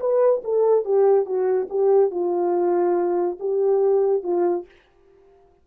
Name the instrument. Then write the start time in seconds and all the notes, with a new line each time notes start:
horn
0.00 B4
0.44 A4
0.85 G4
1.26 F#4
1.70 G4
2.11 F4
3.40 G4
4.23 F4